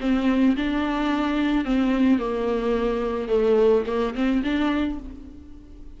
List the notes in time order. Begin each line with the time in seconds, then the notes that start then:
0.00 C4
0.56 D4
1.64 C4
2.18 A#3
3.28 A3
3.86 A#3
4.14 C4
4.43 D4